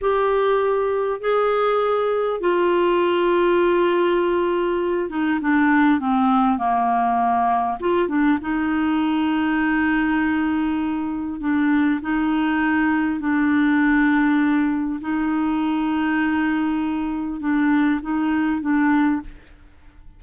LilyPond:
\new Staff \with { instrumentName = "clarinet" } { \time 4/4 \tempo 4 = 100 g'2 gis'2 | f'1~ | f'8 dis'8 d'4 c'4 ais4~ | ais4 f'8 d'8 dis'2~ |
dis'2. d'4 | dis'2 d'2~ | d'4 dis'2.~ | dis'4 d'4 dis'4 d'4 | }